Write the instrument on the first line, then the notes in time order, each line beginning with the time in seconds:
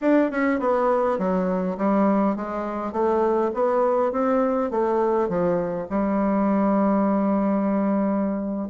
bassoon
0.01 D4
0.30 C#4
0.59 B3
1.18 F#3
1.77 G3
2.35 G#3
2.92 A3
3.54 B3
4.12 C4
4.70 A3
5.28 F3
5.89 G3